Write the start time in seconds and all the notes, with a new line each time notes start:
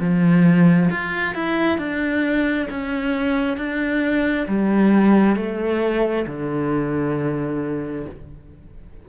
0.00 F3
0.90 F4
1.34 E4
1.78 D4
2.70 C#4
3.57 D4
4.47 G3
5.36 A3
6.27 D3